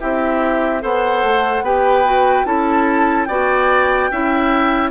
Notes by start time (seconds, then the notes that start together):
0.00 C4 E4 G4 E5
0.81 B3 A4 C5 F#5
1.23 A3
1.62 B3 G4 B4 G5
2.05 F#4
2.45 C#4 E4 A4 A5
3.25 B3 F#4 D5 G5
4.11 C#4 E4 E5